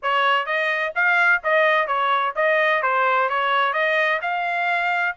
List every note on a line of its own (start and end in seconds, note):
0.02 0.45 C#5
0.45 0.92 D#5
0.95 1.42 F5
1.43 1.87 D#5
1.87 2.34 C#5
2.35 2.82 D#5
2.82 3.29 C5
3.29 3.73 C#5
3.73 4.20 D#5
4.21 5.15 F5